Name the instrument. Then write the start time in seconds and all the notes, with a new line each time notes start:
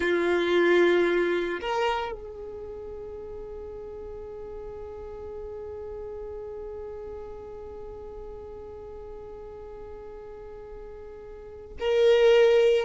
violin
0.00 F4
1.60 A#4
2.12 G#4
11.79 A#4